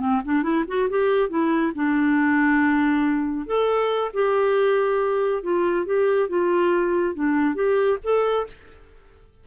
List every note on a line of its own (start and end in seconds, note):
0.00 0.22 C4
0.25 0.43 D4
0.43 0.65 E4
0.68 0.89 F#4
0.89 1.29 G4
1.29 1.72 E4
1.75 3.46 D4
3.46 4.11 A4
4.13 5.43 G4
5.43 5.86 F4
5.86 6.29 G4
6.29 7.15 F4
7.15 7.55 D4
7.55 7.98 G4
8.03 8.47 A4